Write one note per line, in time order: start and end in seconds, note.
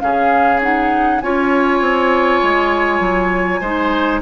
0.00 1.23 C#3
0.00 0.60 C#4
0.00 1.23 G#4
0.00 0.60 F5
0.61 1.21 D#4
0.61 1.21 F#5
1.21 1.81 C#4
1.21 3.63 F4
1.21 3.61 C#5
1.21 4.21 G#5
1.81 2.41 C4
2.43 3.00 G#3
3.00 3.60 F#3
3.61 4.21 G#3
3.61 4.22 D#4
3.61 4.21 C5